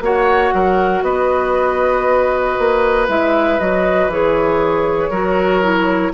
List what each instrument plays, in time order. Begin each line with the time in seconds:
0.00 bassoon A#3, clarinet F#4, oboe C#5, flute F#5
0.53 bassoon F#3, oboe A#4
1.02 bassoon B3, oboe B4, flute D#5
2.59 bassoon A#3
3.08 bassoon G#3, clarinet E4, flute E5
3.59 bassoon F#3, clarinet F#4, flute D#5
4.07 bassoon E3, clarinet G#4, flute C#5
5.10 bassoon F#3, clarinet F#4, oboe A#4
5.62 clarinet E4